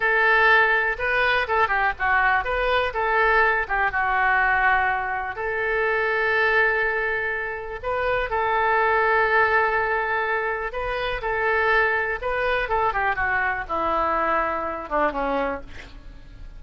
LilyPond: \new Staff \with { instrumentName = "oboe" } { \time 4/4 \tempo 4 = 123 a'2 b'4 a'8 g'8 | fis'4 b'4 a'4. g'8 | fis'2. a'4~ | a'1 |
b'4 a'2.~ | a'2 b'4 a'4~ | a'4 b'4 a'8 g'8 fis'4 | e'2~ e'8 d'8 cis'4 | }